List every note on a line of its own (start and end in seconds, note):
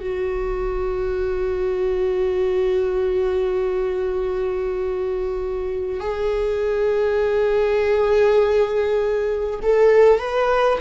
0.00 6.00 F#4
6.00 9.60 G#4
9.63 10.19 A4
10.19 10.79 B4